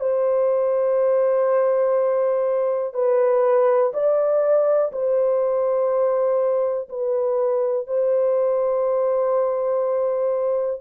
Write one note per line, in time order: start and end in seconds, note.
0.00 2.94 C5
2.94 3.92 B4
3.93 4.92 D5
4.92 6.89 C5
6.89 7.87 B4
7.87 10.81 C5